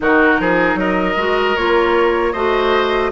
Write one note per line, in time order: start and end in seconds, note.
0.00 0.39 D#3
0.00 1.15 D#4
0.00 0.40 F#4
0.00 0.79 A#4
0.39 0.75 F3
0.39 0.79 G#4
0.75 1.13 F#3
0.75 2.32 A#4
0.75 1.56 D#5
1.16 1.55 G#3
1.16 1.56 F#4
1.56 2.34 A#3
1.56 2.34 F4
1.56 2.32 C#5
2.32 3.12 A3
2.32 3.12 F#4
2.32 3.10 C5
2.32 3.10 D#5